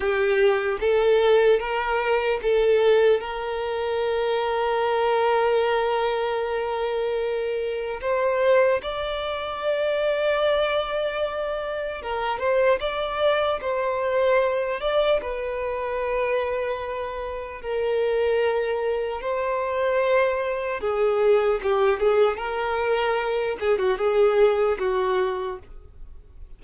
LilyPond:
\new Staff \with { instrumentName = "violin" } { \time 4/4 \tempo 4 = 75 g'4 a'4 ais'4 a'4 | ais'1~ | ais'2 c''4 d''4~ | d''2. ais'8 c''8 |
d''4 c''4. d''8 b'4~ | b'2 ais'2 | c''2 gis'4 g'8 gis'8 | ais'4. gis'16 fis'16 gis'4 fis'4 | }